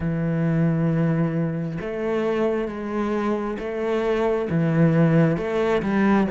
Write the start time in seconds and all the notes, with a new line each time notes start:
0.00 E3
1.80 A3
2.67 G#3
3.58 A3
4.49 E3
5.37 A3
5.82 G3